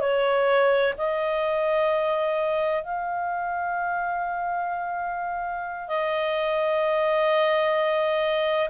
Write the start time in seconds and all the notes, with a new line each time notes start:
0.00 C#5
0.98 D#5
2.83 F5
5.88 D#5